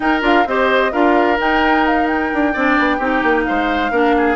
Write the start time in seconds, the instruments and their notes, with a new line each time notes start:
0.00 clarinet D#4, bassoon D#4, oboe A#4, flute G5
0.21 bassoon D4, clarinet F4, flute F5
0.46 bassoon C4, clarinet G4, oboe C5, flute D#5
0.91 bassoon D4, clarinet F4, oboe A#4, flute F5
1.37 clarinet D#4, bassoon D#4, flute G5
1.86 flute F5
2.07 flute G5
2.33 bassoon D4
2.53 bassoon C4, clarinet D4, oboe D5
2.78 bassoon B3
2.97 bassoon C4, clarinet D#4, oboe G4
3.22 bassoon A#3
3.44 bassoon G#3, oboe C5, flute F5
3.90 bassoon A#3, clarinet D4, oboe A#4
4.17 oboe G#4